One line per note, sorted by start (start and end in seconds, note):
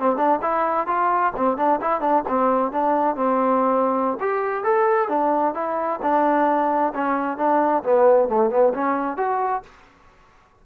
0.00 0.17 C4
0.17 0.40 D4
0.42 0.87 E4
0.87 1.33 F4
1.37 1.57 C4
1.57 1.80 D4
1.82 2.01 E4
2.01 2.24 D4
2.29 2.72 C4
2.72 3.16 D4
3.16 4.18 C4
4.21 4.64 G4
4.64 5.09 A4
5.09 5.55 D4
5.55 6.00 E4
6.02 6.93 D4
6.95 7.38 C#4
7.38 7.83 D4
7.84 8.29 B3
8.29 8.51 A3
8.51 8.74 B3
8.75 9.18 C#4
9.18 9.63 F#4